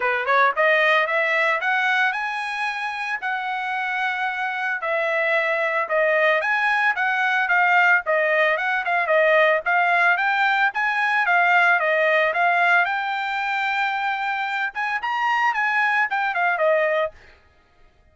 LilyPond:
\new Staff \with { instrumentName = "trumpet" } { \time 4/4 \tempo 4 = 112 b'8 cis''8 dis''4 e''4 fis''4 | gis''2 fis''2~ | fis''4 e''2 dis''4 | gis''4 fis''4 f''4 dis''4 |
fis''8 f''8 dis''4 f''4 g''4 | gis''4 f''4 dis''4 f''4 | g''2.~ g''8 gis''8 | ais''4 gis''4 g''8 f''8 dis''4 | }